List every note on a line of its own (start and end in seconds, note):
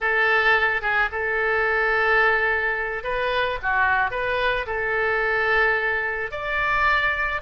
0.01 0.81 A4
0.81 1.09 G#4
1.11 3.03 A4
3.03 3.58 B4
3.62 4.11 F#4
4.11 4.66 B4
4.66 6.31 A4
6.31 7.41 D5